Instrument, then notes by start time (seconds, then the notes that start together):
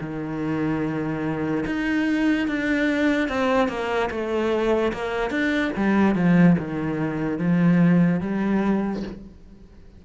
cello
0.00 D#3
1.66 D#4
2.47 D4
3.28 C4
3.68 A#3
4.10 A3
4.92 A#3
5.30 D4
5.76 G3
6.15 F3
6.58 D#3
7.38 F3
8.20 G3